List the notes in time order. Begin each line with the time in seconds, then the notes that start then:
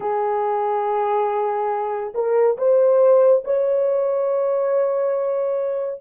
0.00 G#4
2.14 A#4
2.57 C5
3.44 C#5